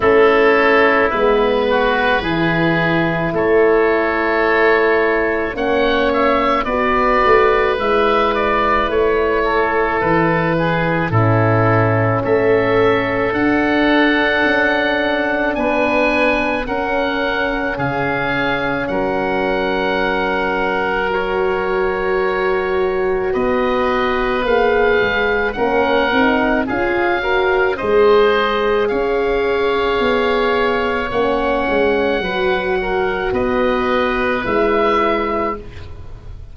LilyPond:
<<
  \new Staff \with { instrumentName = "oboe" } { \time 4/4 \tempo 4 = 54 a'4 b'2 cis''4~ | cis''4 fis''8 e''8 d''4 e''8 d''8 | cis''4 b'4 a'4 e''4 | fis''2 gis''4 fis''4 |
f''4 fis''2 cis''4~ | cis''4 dis''4 f''4 fis''4 | f''4 dis''4 f''2 | fis''2 dis''4 e''4 | }
  \new Staff \with { instrumentName = "oboe" } { \time 4/4 e'4. fis'8 gis'4 a'4~ | a'4 cis''4 b'2~ | b'8 a'4 gis'8 e'4 a'4~ | a'2 b'4 ais'4 |
gis'4 ais'2.~ | ais'4 b'2 ais'4 | gis'8 ais'8 c''4 cis''2~ | cis''4 b'8 ais'8 b'2 | }
  \new Staff \with { instrumentName = "horn" } { \time 4/4 cis'4 b4 e'2~ | e'4 cis'4 fis'4 e'4~ | e'2 cis'2 | d'2. cis'4~ |
cis'2. fis'4~ | fis'2 gis'4 cis'8 dis'8 | f'8 fis'8 gis'2. | cis'4 fis'2 e'4 | }
  \new Staff \with { instrumentName = "tuba" } { \time 4/4 a4 gis4 e4 a4~ | a4 ais4 b8 a8 gis4 | a4 e4 a,4 a4 | d'4 cis'4 b4 cis'4 |
cis4 fis2.~ | fis4 b4 ais8 gis8 ais8 c'8 | cis'4 gis4 cis'4 b4 | ais8 gis8 fis4 b4 gis4 | }
>>